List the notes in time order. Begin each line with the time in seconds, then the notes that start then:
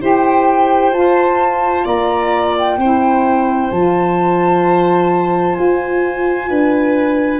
0.00 E4 G4 C5 G5
0.92 F4 A5
1.84 A#3 D5 A#5
2.57 G5
2.77 C4 E4 C5
3.71 F3 F4 A5
5.55 F4 G#5
6.49 D4 B4